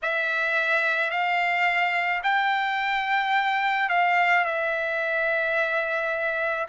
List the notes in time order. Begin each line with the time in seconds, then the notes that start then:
0.02 E5
1.10 F5
2.23 G5
3.89 F5
4.44 E5